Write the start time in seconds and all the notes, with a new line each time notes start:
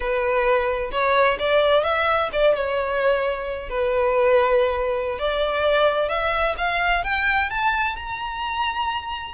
0.00 B4
0.91 C#5
1.39 D5
1.83 E5
2.32 D5
2.55 C#5
3.69 B4
5.18 D5
6.09 E5
6.57 F5
7.04 G5
7.50 A5
7.96 A#5